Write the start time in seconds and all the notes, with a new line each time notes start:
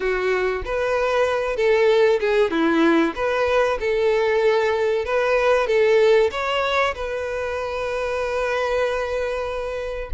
0.00 F#4
0.64 B4
1.56 A4
2.19 G#4
2.50 E4
3.15 B4
3.80 A4
5.05 B4
5.67 A4
6.31 C#5
6.94 B4